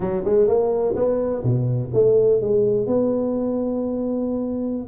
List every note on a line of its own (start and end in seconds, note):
0.00 0.23 F#3
0.24 0.47 G#3
0.47 0.95 A#3
0.95 1.43 B3
1.43 1.91 B2
1.93 2.41 A3
2.41 2.86 G#3
2.86 4.87 B3